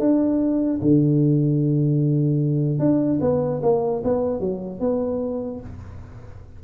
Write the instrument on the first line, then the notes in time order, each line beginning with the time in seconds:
tuba
0.00 D4
0.82 D3
2.79 D4
3.21 B3
3.63 A#3
4.04 B3
4.41 F#3
4.80 B3